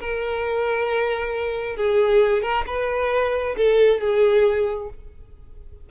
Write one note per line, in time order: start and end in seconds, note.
0.00 1.77 A#4
1.77 2.42 G#4
2.42 2.65 A#4
2.67 3.56 B4
3.57 4.01 A4
4.01 4.89 G#4